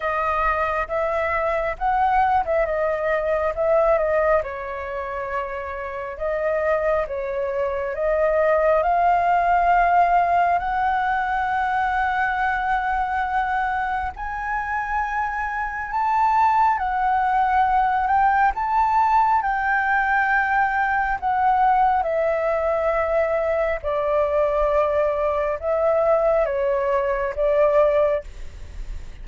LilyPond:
\new Staff \with { instrumentName = "flute" } { \time 4/4 \tempo 4 = 68 dis''4 e''4 fis''8. e''16 dis''4 | e''8 dis''8 cis''2 dis''4 | cis''4 dis''4 f''2 | fis''1 |
gis''2 a''4 fis''4~ | fis''8 g''8 a''4 g''2 | fis''4 e''2 d''4~ | d''4 e''4 cis''4 d''4 | }